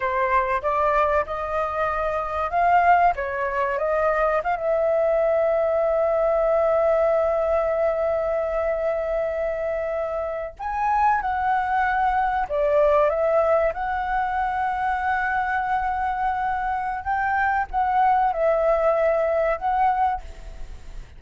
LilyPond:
\new Staff \with { instrumentName = "flute" } { \time 4/4 \tempo 4 = 95 c''4 d''4 dis''2 | f''4 cis''4 dis''4 f''16 e''8.~ | e''1~ | e''1~ |
e''8. gis''4 fis''2 d''16~ | d''8. e''4 fis''2~ fis''16~ | fis''2. g''4 | fis''4 e''2 fis''4 | }